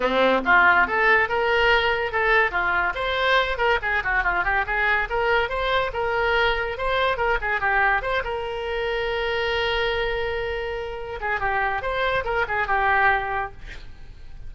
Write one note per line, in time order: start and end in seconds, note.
0.00 0.41 C4
0.45 0.87 F4
0.87 1.28 A4
1.28 2.12 A#4
2.12 2.51 A4
2.51 2.93 F4
2.95 3.57 C5
3.57 3.78 A#4
3.82 4.03 G#4
4.03 4.23 F#4
4.23 4.43 F4
4.43 4.65 G4
4.66 5.08 G#4
5.09 5.49 A#4
5.49 5.91 C5
5.93 6.77 A#4
6.77 7.17 C5
7.17 7.38 A#4
7.41 7.60 G#4
7.60 8.01 G4
8.01 8.23 C5
8.23 11.19 A#4
11.20 11.40 G#4
11.40 11.82 G4
11.82 12.24 C5
12.24 12.45 A#4
12.48 12.67 G#4
12.67 13.51 G4